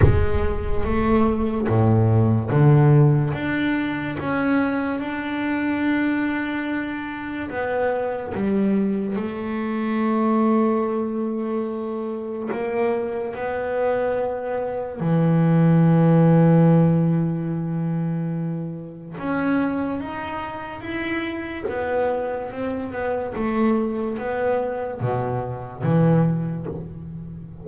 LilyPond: \new Staff \with { instrumentName = "double bass" } { \time 4/4 \tempo 4 = 72 gis4 a4 a,4 d4 | d'4 cis'4 d'2~ | d'4 b4 g4 a4~ | a2. ais4 |
b2 e2~ | e2. cis'4 | dis'4 e'4 b4 c'8 b8 | a4 b4 b,4 e4 | }